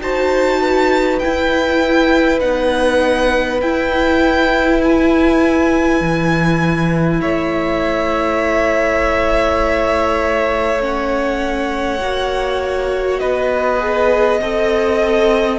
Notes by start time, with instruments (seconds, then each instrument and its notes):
0.00 cello D#4, viola F#4, violin C5 A5
0.60 violin B4
1.19 viola E4, violin G5
1.25 cello E4
2.40 cello B3, viola D#4, violin F#5
3.61 cello E4, viola E4, violin G5
4.83 violin G#5
6.00 cello E3
7.21 cello A3, violin C#5 E5
10.79 viola C#4, violin F#5
12.00 cello A#3, viola F#4
13.18 cello B3, violin B4 D#5
13.79 viola G#4
14.40 cello C4, viola A4, violin D#5